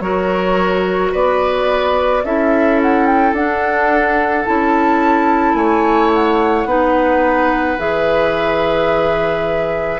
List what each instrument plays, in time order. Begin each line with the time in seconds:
0.00 bassoon F#3, clarinet F#4, oboe A#4, flute C#5
1.12 bassoon B3, oboe B4, flute D5
2.24 bassoon C#4, clarinet E4, oboe A4, flute E5
2.82 flute F#5
3.06 flute G5
3.33 bassoon D4, clarinet D4, flute F#5
4.45 bassoon C#4, clarinet E4, flute A5
5.54 bassoon A3, oboe C#5, flute G#5
6.13 flute F#5
6.65 bassoon B3, clarinet D#4, oboe B4
7.78 bassoon E3, clarinet G#4, flute E5